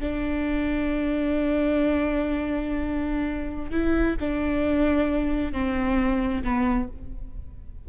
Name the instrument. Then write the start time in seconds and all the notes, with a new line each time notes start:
viola
0.00 D4
3.71 E4
4.20 D4
5.52 C4
6.43 B3